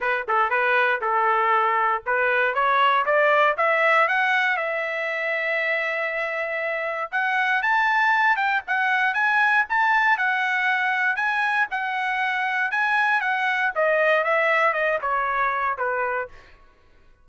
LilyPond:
\new Staff \with { instrumentName = "trumpet" } { \time 4/4 \tempo 4 = 118 b'8 a'8 b'4 a'2 | b'4 cis''4 d''4 e''4 | fis''4 e''2.~ | e''2 fis''4 a''4~ |
a''8 g''8 fis''4 gis''4 a''4 | fis''2 gis''4 fis''4~ | fis''4 gis''4 fis''4 dis''4 | e''4 dis''8 cis''4. b'4 | }